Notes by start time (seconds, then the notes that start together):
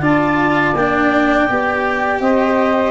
0.00 D4 F4 D5 A5
0.73 A#3 D4 G5
1.48 B3 G4
2.20 C4 C5 D#5